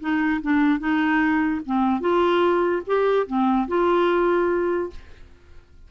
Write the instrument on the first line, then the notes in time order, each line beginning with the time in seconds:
clarinet
0.00 D#4
0.42 D4
0.79 D#4
1.66 C4
2.01 F4
2.86 G4
3.26 C4
3.68 F4